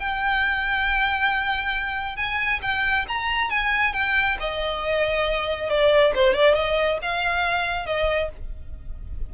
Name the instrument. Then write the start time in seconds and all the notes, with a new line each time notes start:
violin
0.00 G5
2.17 G#5
2.62 G5
3.08 A#5
3.50 G#5
3.94 G5
4.40 D#5
5.70 D5
6.15 C5
6.34 D5
6.55 D#5
7.02 F5
7.86 D#5